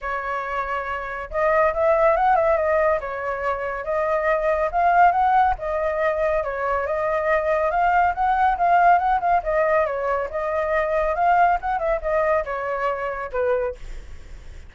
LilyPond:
\new Staff \with { instrumentName = "flute" } { \time 4/4 \tempo 4 = 140 cis''2. dis''4 | e''4 fis''8 e''8 dis''4 cis''4~ | cis''4 dis''2 f''4 | fis''4 dis''2 cis''4 |
dis''2 f''4 fis''4 | f''4 fis''8 f''8 dis''4 cis''4 | dis''2 f''4 fis''8 e''8 | dis''4 cis''2 b'4 | }